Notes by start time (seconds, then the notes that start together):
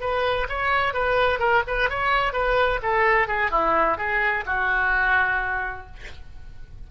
0.00 B4
0.49 C#5
0.93 B4
1.39 A#4
1.67 B4
1.89 C#5
2.33 B4
2.82 A4
3.27 G#4
3.51 E4
3.97 G#4
4.46 F#4